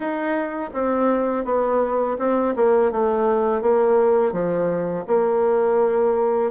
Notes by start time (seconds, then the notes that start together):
0.00 D#4
0.73 C4
1.45 B3
2.19 C4
2.55 A#3
2.91 A3
3.61 A#3
4.32 F3
5.07 A#3